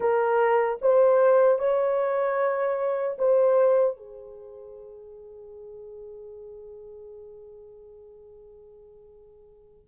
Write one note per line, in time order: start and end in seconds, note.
0.00 0.79 A#4
0.81 1.58 C5
1.58 3.16 C#5
3.18 3.97 C5
3.97 9.88 G#4